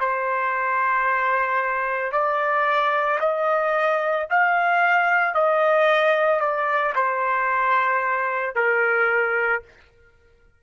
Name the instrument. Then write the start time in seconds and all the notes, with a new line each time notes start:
trumpet
0.00 C5
2.12 D5
3.20 D#5
4.30 F5
5.34 D#5
6.40 D5
6.95 C5
8.55 A#4